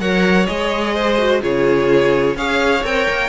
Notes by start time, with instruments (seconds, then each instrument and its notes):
0.00 cello F#3, viola A#4, violin C#5 F#5
0.47 cello G#3, viola G#4, violin D#5
0.95 violin C5
1.18 viola F#4
1.41 cello C#3, viola F4, violin G#4 C#5
2.36 cello C#4, viola G#4, violin C#5 F5
2.84 cello C4, viola A#4, violin G5
3.09 cello A#3